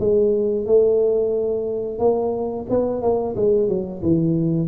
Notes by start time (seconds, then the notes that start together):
0.00 G#3
0.66 A3
1.99 A#3
2.70 B3
3.02 A#3
3.36 G#3
3.69 F#3
4.03 E3